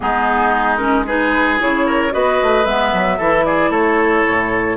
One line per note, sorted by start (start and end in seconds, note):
0.00 1.60 G#3
0.00 0.78 B3
0.00 1.06 D#4
0.00 0.77 G#4
0.77 1.04 C#4
0.77 1.03 A#4
1.06 1.59 D#4
1.06 1.86 G#4
1.06 1.60 B4
1.59 2.14 C#3
1.59 2.10 E4
1.59 2.12 C#5
1.86 2.12 A#4
2.10 2.40 B3
2.10 2.63 F#4
2.10 3.18 B4
2.10 2.65 D#5
2.42 2.65 A3
2.65 2.92 G#3
2.65 3.19 B3
2.65 3.44 E5
2.93 3.19 F#3
3.18 3.69 E3
3.18 4.76 E4
3.18 3.44 A4
3.44 3.70 G#4
3.44 3.71 D5
3.69 4.22 A3
3.69 4.76 A4
3.69 4.76 C#5
4.27 4.76 A2